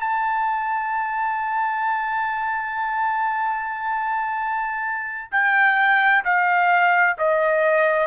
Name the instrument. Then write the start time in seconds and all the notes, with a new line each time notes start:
trumpet
0.00 A5
5.32 G5
6.25 F5
7.19 D#5